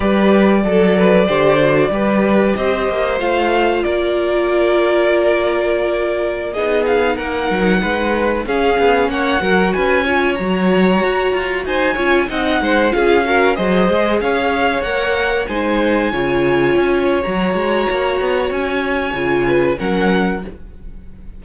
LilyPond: <<
  \new Staff \with { instrumentName = "violin" } { \time 4/4 \tempo 4 = 94 d''1 | dis''4 f''4 d''2~ | d''2~ d''16 dis''8 f''8 fis''8.~ | fis''4~ fis''16 f''4 fis''4 gis''8.~ |
gis''16 ais''2 gis''4 fis''8.~ | fis''16 f''4 dis''4 f''4 fis''8.~ | fis''16 gis''2~ gis''8. ais''4~ | ais''4 gis''2 fis''4 | }
  \new Staff \with { instrumentName = "violin" } { \time 4/4 b'4 a'8 b'8 c''4 b'4 | c''2 ais'2~ | ais'2~ ais'16 gis'4 ais'8.~ | ais'16 b'4 gis'4 cis''8 ais'8 b'8 cis''16~ |
cis''2~ cis''16 c''8 cis''8 dis''8 c''16~ | c''16 gis'8 ais'8 c''4 cis''4.~ cis''16~ | cis''16 c''4 cis''2~ cis''8.~ | cis''2~ cis''8 b'8 ais'4 | }
  \new Staff \with { instrumentName = "viola" } { \time 4/4 g'4 a'4 g'8 fis'8 g'4~ | g'4 f'2.~ | f'2~ f'16 dis'4.~ dis'16~ | dis'4~ dis'16 cis'4. fis'4 f'16~ |
f'16 fis'2~ fis'8 f'8 dis'8.~ | dis'16 f'8 fis'8 gis'2 ais'8.~ | ais'16 dis'4 f'4.~ f'16 fis'4~ | fis'2 f'4 cis'4 | }
  \new Staff \with { instrumentName = "cello" } { \time 4/4 g4 fis4 d4 g4 | c'8 ais8 a4 ais2~ | ais2~ ais16 b4 ais8 fis16~ | fis16 gis4 cis'8 b8 ais8 fis8 cis'8.~ |
cis'16 fis4 fis'8 f'8 dis'8 cis'8 c'8 gis16~ | gis16 cis'4 fis8 gis8 cis'4 ais8.~ | ais16 gis4 cis4 cis'8. fis8 gis8 | ais8 b8 cis'4 cis4 fis4 | }
>>